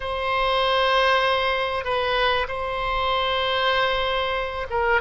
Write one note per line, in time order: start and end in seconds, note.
0.00 1.84 C5
1.84 2.47 B4
2.48 4.66 C5
4.70 5.01 A#4